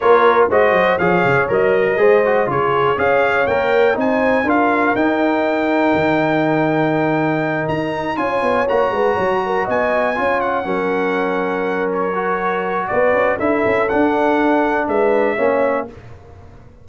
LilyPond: <<
  \new Staff \with { instrumentName = "trumpet" } { \time 4/4 \tempo 4 = 121 cis''4 dis''4 f''4 dis''4~ | dis''4 cis''4 f''4 g''4 | gis''4 f''4 g''2~ | g''2.~ g''8 ais''8~ |
ais''8 gis''4 ais''2 gis''8~ | gis''4 fis''2. | cis''2 d''4 e''4 | fis''2 e''2 | }
  \new Staff \with { instrumentName = "horn" } { \time 4/4 ais'4 c''4 cis''4.~ cis''16 ais'16 | c''4 gis'4 cis''2 | c''4 ais'2.~ | ais'1~ |
ais'8 cis''4. b'8 cis''8 ais'8 dis''8~ | dis''8 cis''4 ais'2~ ais'8~ | ais'2 b'4 a'4~ | a'2 b'4 cis''4 | }
  \new Staff \with { instrumentName = "trombone" } { \time 4/4 f'4 fis'4 gis'4 ais'4 | gis'8 fis'8 f'4 gis'4 ais'4 | dis'4 f'4 dis'2~ | dis'1~ |
dis'8 f'4 fis'2~ fis'8~ | fis'8 f'4 cis'2~ cis'8~ | cis'8 fis'2~ fis'8 e'4 | d'2. cis'4 | }
  \new Staff \with { instrumentName = "tuba" } { \time 4/4 ais4 gis8 fis8 f8 cis8 fis4 | gis4 cis4 cis'4 ais4 | c'4 d'4 dis'2 | dis2.~ dis8 dis'8~ |
dis'8 cis'8 b8 ais8 gis8 fis4 b8~ | b8 cis'4 fis2~ fis8~ | fis2 b8 cis'8 d'8 cis'8 | d'2 gis4 ais4 | }
>>